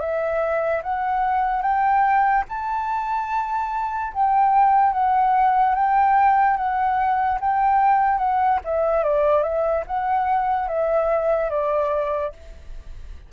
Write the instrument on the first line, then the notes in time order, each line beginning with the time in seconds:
flute
0.00 E5
0.83 F#5
1.62 G5
2.49 A5
4.14 G5
4.93 F#5
5.75 G5
6.57 F#5
7.40 G5
8.18 F#5
8.65 E5
9.04 D5
9.43 E5
9.87 F#5
10.68 E5
11.50 D5